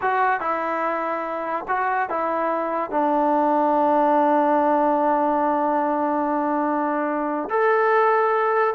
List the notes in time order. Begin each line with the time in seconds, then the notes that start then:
0.01 F#4
0.40 E4
1.68 F#4
2.09 E4
2.91 D4
7.49 A4